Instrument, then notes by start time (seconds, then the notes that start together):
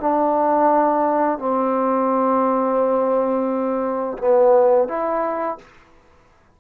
trombone
0.00 D4
1.38 C4
4.18 B3
4.88 E4